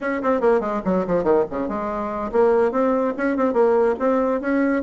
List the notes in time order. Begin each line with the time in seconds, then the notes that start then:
0.01 C#4
0.22 C4
0.40 A#3
0.60 G#3
0.84 F#3
1.06 F3
1.23 D#3
1.50 C#3
1.68 G#3
2.32 A#3
2.71 C4
3.17 C#4
3.36 C4
3.53 A#3
3.99 C4
4.41 C#4